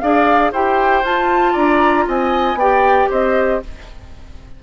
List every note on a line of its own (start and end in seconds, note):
0.00 0.53 D4
0.00 0.54 G#4
0.00 0.52 D5
0.00 0.51 F5
0.52 1.04 E4
0.52 1.04 G4
0.52 1.53 C5
0.52 1.05 G5
1.04 1.55 F4
1.04 2.58 F4
1.04 1.56 A5
1.53 2.07 D4
1.53 2.04 D5
1.53 2.07 A#5
2.08 2.55 C4
2.08 2.59 D#5
2.08 2.59 G#5
2.55 3.06 B3
2.55 3.63 G4
2.55 3.10 D5
2.55 3.10 G5
3.10 3.63 C4
3.10 3.61 C5
3.10 3.63 D#5